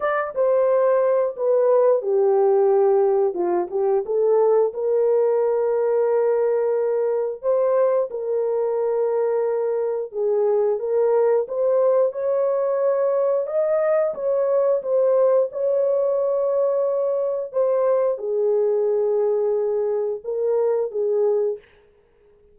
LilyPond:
\new Staff \with { instrumentName = "horn" } { \time 4/4 \tempo 4 = 89 d''8 c''4. b'4 g'4~ | g'4 f'8 g'8 a'4 ais'4~ | ais'2. c''4 | ais'2. gis'4 |
ais'4 c''4 cis''2 | dis''4 cis''4 c''4 cis''4~ | cis''2 c''4 gis'4~ | gis'2 ais'4 gis'4 | }